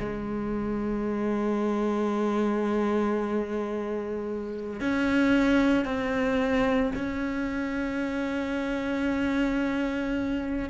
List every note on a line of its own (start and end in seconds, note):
0.00 4.81 G#3
4.81 5.85 C#4
5.85 6.93 C4
6.95 10.70 C#4